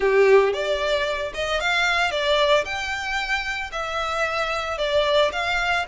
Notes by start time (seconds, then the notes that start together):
0.00 G4
0.53 D5
1.33 D#5
1.60 F5
2.11 D5
2.64 G5
3.72 E5
4.78 D5
5.32 F5